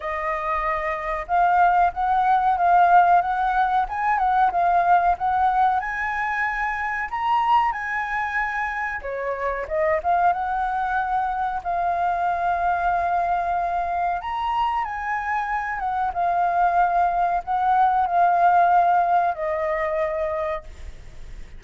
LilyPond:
\new Staff \with { instrumentName = "flute" } { \time 4/4 \tempo 4 = 93 dis''2 f''4 fis''4 | f''4 fis''4 gis''8 fis''8 f''4 | fis''4 gis''2 ais''4 | gis''2 cis''4 dis''8 f''8 |
fis''2 f''2~ | f''2 ais''4 gis''4~ | gis''8 fis''8 f''2 fis''4 | f''2 dis''2 | }